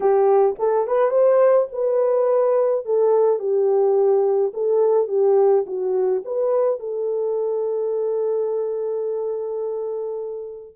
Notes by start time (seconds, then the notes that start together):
0.00 G4
0.58 A4
0.87 B4
1.10 C5
1.72 B4
2.85 A4
3.39 G4
4.53 A4
5.08 G4
5.66 F#4
6.24 B4
6.79 A4